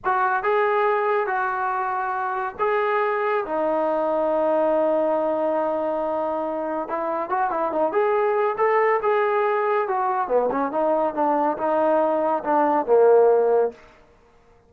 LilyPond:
\new Staff \with { instrumentName = "trombone" } { \time 4/4 \tempo 4 = 140 fis'4 gis'2 fis'4~ | fis'2 gis'2 | dis'1~ | dis'1 |
e'4 fis'8 e'8 dis'8 gis'4. | a'4 gis'2 fis'4 | b8 cis'8 dis'4 d'4 dis'4~ | dis'4 d'4 ais2 | }